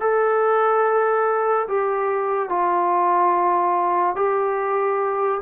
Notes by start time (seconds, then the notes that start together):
0.00 A4
1.67 G4
2.49 F4
4.16 G4